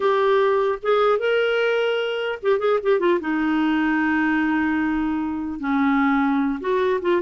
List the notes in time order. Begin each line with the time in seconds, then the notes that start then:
0.00 G4
0.82 G#4
1.18 A#4
2.42 G4
2.59 G#4
2.83 G4
2.99 F4
3.20 D#4
5.59 C#4
6.60 F#4
7.01 F4